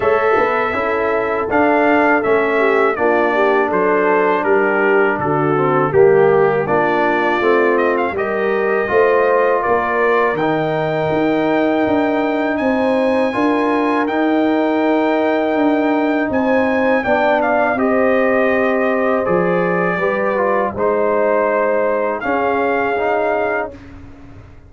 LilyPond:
<<
  \new Staff \with { instrumentName = "trumpet" } { \time 4/4 \tempo 4 = 81 e''2 f''4 e''4 | d''4 c''4 ais'4 a'4 | g'4 d''4. dis''16 f''16 dis''4~ | dis''4 d''4 g''2~ |
g''4 gis''2 g''4~ | g''2 gis''4 g''8 f''8 | dis''2 d''2 | c''2 f''2 | }
  \new Staff \with { instrumentName = "horn" } { \time 4/4 cis''8 b'8 a'2~ a'8 g'8 | f'8 g'8 a'4 g'4 fis'4 | g'4 f'2 ais'4 | c''4 ais'2.~ |
ais'4 c''4 ais'2~ | ais'2 c''4 d''4 | c''2. b'4 | c''2 gis'2 | }
  \new Staff \with { instrumentName = "trombone" } { \time 4/4 a'4 e'4 d'4 cis'4 | d'2.~ d'8 c'8 | ais4 d'4 c'4 g'4 | f'2 dis'2~ |
dis'2 f'4 dis'4~ | dis'2. d'4 | g'2 gis'4 g'8 f'8 | dis'2 cis'4 dis'4 | }
  \new Staff \with { instrumentName = "tuba" } { \time 4/4 a8 b8 cis'4 d'4 a4 | ais4 fis4 g4 d4 | g4 ais4 a4 g4 | a4 ais4 dis4 dis'4 |
d'4 c'4 d'4 dis'4~ | dis'4 d'4 c'4 b4 | c'2 f4 g4 | gis2 cis'2 | }
>>